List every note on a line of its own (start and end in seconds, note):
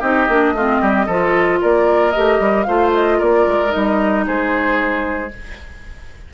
0.00 0.28 C4
0.00 0.28 D#4
0.00 0.53 G4
0.00 1.61 D#5
0.28 0.53 A#3
0.28 0.56 D4
0.53 0.79 A3
0.53 1.09 C4
0.53 0.81 F4
0.81 1.08 G3
0.81 1.06 G4
1.06 1.61 F3
1.06 2.14 F4
1.06 1.59 A4
1.61 2.16 A#3
1.61 2.67 A#4
1.61 2.12 D5
2.12 2.40 A3
2.12 2.67 G4
2.12 2.64 D#5
2.40 2.66 G3
2.64 3.21 A3
2.64 3.69 F4
2.64 3.18 C5
2.64 2.90 F5
2.94 3.20 D#5
3.18 3.47 A#3
3.18 4.25 A#4
3.18 3.72 D5
3.47 3.73 G#3
3.69 5.28 D#4
3.69 4.25 D#5
3.75 4.27 G3
4.27 5.34 G#3
4.27 5.33 G#4
4.27 5.33 C5